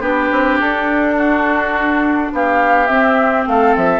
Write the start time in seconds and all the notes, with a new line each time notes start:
0.00 B3 D4 G4 B4
0.32 C4
0.60 D4 A4
1.17 F#4
2.32 B3 G4 F5
2.86 C4 E5
3.46 A3 A4 F5
3.76 F3 E5